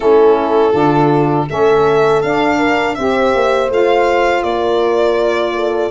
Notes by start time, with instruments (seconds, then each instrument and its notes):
0.00 tuba A3, saxophone C#4, horn E4, violin A4
0.72 tuba D3, saxophone D4, horn F4
1.48 tuba A3, saxophone C#4, horn A4, violin E5
2.22 tuba D4, saxophone D4, violin F5
2.57 horn A#4
2.95 tuba C4, saxophone G4, horn C5, violin E5
3.34 tuba A#3
3.70 tuba A3, saxophone F4, violin F5
4.43 tuba A#3, horn A#4, violin D5
5.55 horn A4